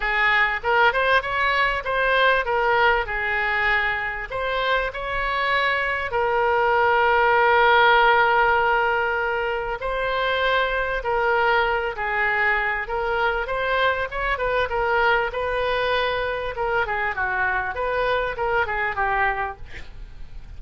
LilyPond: \new Staff \with { instrumentName = "oboe" } { \time 4/4 \tempo 4 = 98 gis'4 ais'8 c''8 cis''4 c''4 | ais'4 gis'2 c''4 | cis''2 ais'2~ | ais'1 |
c''2 ais'4. gis'8~ | gis'4 ais'4 c''4 cis''8 b'8 | ais'4 b'2 ais'8 gis'8 | fis'4 b'4 ais'8 gis'8 g'4 | }